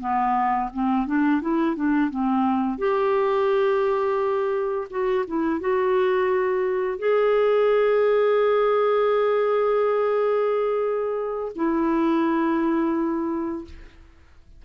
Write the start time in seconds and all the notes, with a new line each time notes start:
0.00 B3
0.73 C4
1.06 D4
1.41 E4
1.76 D4
2.10 C4
2.78 G4
4.90 F#4
5.27 E4
5.60 F#4
6.98 G#4
11.55 E4